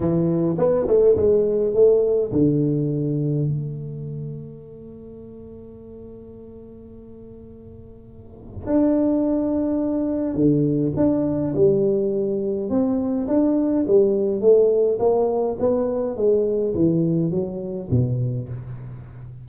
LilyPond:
\new Staff \with { instrumentName = "tuba" } { \time 4/4 \tempo 4 = 104 e4 b8 a8 gis4 a4 | d2 a2~ | a1~ | a2. d'4~ |
d'2 d4 d'4 | g2 c'4 d'4 | g4 a4 ais4 b4 | gis4 e4 fis4 b,4 | }